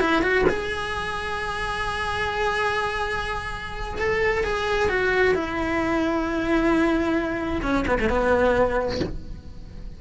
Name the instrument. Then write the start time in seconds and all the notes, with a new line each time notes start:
cello
0.00 E4
0.22 F#4
0.49 G#4
3.98 A4
4.43 G#4
4.89 F#4
5.34 E4
7.62 C#4
7.87 B3
7.99 A3
8.09 B3